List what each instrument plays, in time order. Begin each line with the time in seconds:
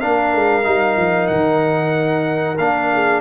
0.00 tuba A#3, trombone D4, horn A#4, trumpet F5
0.35 tuba G#3
0.63 tuba G3, trombone D#4
0.97 tuba F3
1.28 tuba D#3, trumpet F#5
2.58 tuba A#3, trombone D4, trumpet F5
2.93 horn G#4